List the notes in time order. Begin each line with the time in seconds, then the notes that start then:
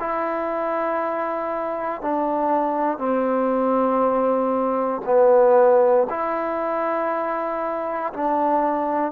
0.00 E4
2.02 D4
2.99 C4
5.06 B3
6.10 E4
8.14 D4